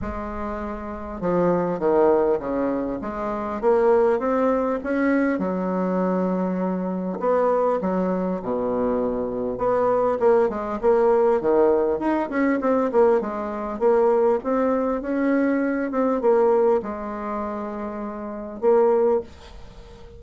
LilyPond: \new Staff \with { instrumentName = "bassoon" } { \time 4/4 \tempo 4 = 100 gis2 f4 dis4 | cis4 gis4 ais4 c'4 | cis'4 fis2. | b4 fis4 b,2 |
b4 ais8 gis8 ais4 dis4 | dis'8 cis'8 c'8 ais8 gis4 ais4 | c'4 cis'4. c'8 ais4 | gis2. ais4 | }